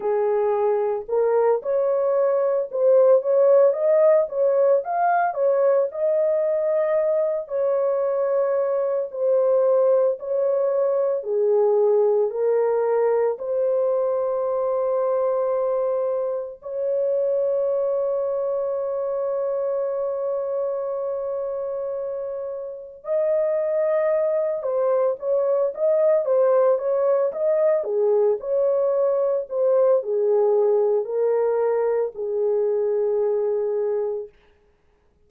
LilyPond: \new Staff \with { instrumentName = "horn" } { \time 4/4 \tempo 4 = 56 gis'4 ais'8 cis''4 c''8 cis''8 dis''8 | cis''8 f''8 cis''8 dis''4. cis''4~ | cis''8 c''4 cis''4 gis'4 ais'8~ | ais'8 c''2. cis''8~ |
cis''1~ | cis''4. dis''4. c''8 cis''8 | dis''8 c''8 cis''8 dis''8 gis'8 cis''4 c''8 | gis'4 ais'4 gis'2 | }